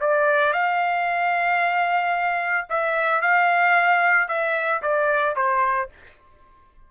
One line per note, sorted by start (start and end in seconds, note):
0.00 0.53 D5
0.53 2.67 F5
2.69 3.21 E5
3.21 4.28 F5
4.28 4.82 E5
4.82 5.36 D5
5.36 5.89 C5